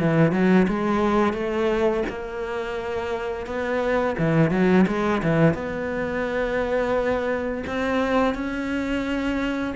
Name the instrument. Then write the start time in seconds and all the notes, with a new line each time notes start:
cello
0.00 E3
0.32 F#3
0.68 G#3
1.34 A3
2.09 A#3
3.47 B3
4.18 E3
4.51 F#3
4.87 G#3
5.23 E3
5.54 B3
7.67 C4
8.34 C#4